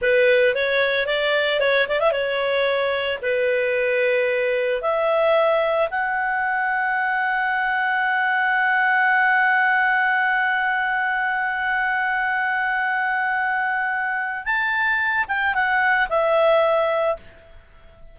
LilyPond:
\new Staff \with { instrumentName = "clarinet" } { \time 4/4 \tempo 4 = 112 b'4 cis''4 d''4 cis''8 d''16 e''16 | cis''2 b'2~ | b'4 e''2 fis''4~ | fis''1~ |
fis''1~ | fis''1~ | fis''2. a''4~ | a''8 g''8 fis''4 e''2 | }